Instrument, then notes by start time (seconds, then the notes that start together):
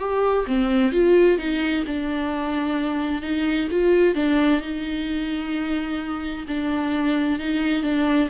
viola
0.00 G4
0.47 C4
0.93 F4
1.38 D#4
1.87 D4
3.23 D#4
3.71 F4
4.15 D4
4.62 D#4
6.48 D4
7.40 D#4
7.83 D4